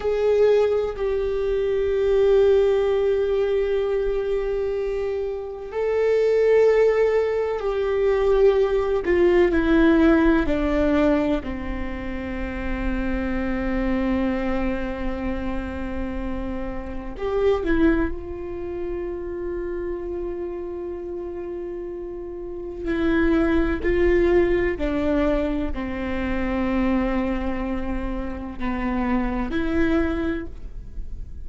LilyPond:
\new Staff \with { instrumentName = "viola" } { \time 4/4 \tempo 4 = 63 gis'4 g'2.~ | g'2 a'2 | g'4. f'8 e'4 d'4 | c'1~ |
c'2 g'8 e'8 f'4~ | f'1 | e'4 f'4 d'4 c'4~ | c'2 b4 e'4 | }